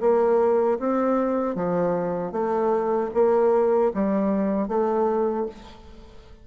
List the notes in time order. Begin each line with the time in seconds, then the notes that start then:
0.00 A#3
0.79 C4
1.55 F3
2.32 A3
3.13 A#3
3.94 G3
4.68 A3